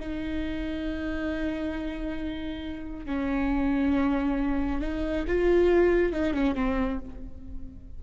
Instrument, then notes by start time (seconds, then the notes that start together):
viola
0.00 D#4
3.06 C#4
4.81 D#4
5.28 F4
6.13 D#4
6.34 C#4
6.55 C4